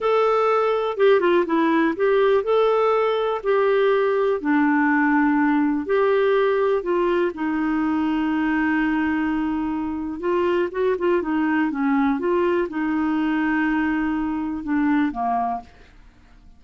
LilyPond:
\new Staff \with { instrumentName = "clarinet" } { \time 4/4 \tempo 4 = 123 a'2 g'8 f'8 e'4 | g'4 a'2 g'4~ | g'4 d'2. | g'2 f'4 dis'4~ |
dis'1~ | dis'4 f'4 fis'8 f'8 dis'4 | cis'4 f'4 dis'2~ | dis'2 d'4 ais4 | }